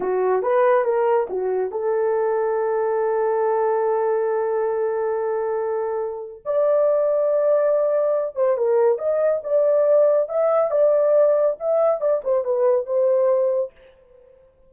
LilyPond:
\new Staff \with { instrumentName = "horn" } { \time 4/4 \tempo 4 = 140 fis'4 b'4 ais'4 fis'4 | a'1~ | a'1~ | a'2. d''4~ |
d''2.~ d''8 c''8 | ais'4 dis''4 d''2 | e''4 d''2 e''4 | d''8 c''8 b'4 c''2 | }